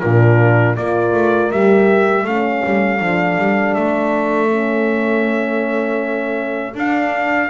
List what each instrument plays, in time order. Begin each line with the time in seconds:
0.00 double bass A#2, horn D4 F4, trumpet A#4
0.76 double bass A#3, horn F4 A#4, trumpet D5
1.14 double bass A3
1.51 double bass G3, horn G4, trumpet E5
2.24 double bass A3, horn C#4 A4, trumpet F5
2.65 double bass G3
2.99 double bass F3, horn D4
3.38 double bass G3
3.74 double bass A3, trumpet E5
4.49 horn C#4
6.74 double bass D4, horn D4, trumpet F5